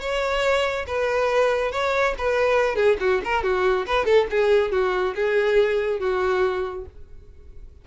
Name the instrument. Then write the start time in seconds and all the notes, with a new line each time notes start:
violin
0.00 C#5
0.87 B4
1.72 C#5
2.18 B4
2.75 G#4
3.00 F#4
3.24 A#4
3.43 F#4
3.86 B4
4.05 A4
4.30 G#4
4.72 F#4
5.15 G#4
5.99 F#4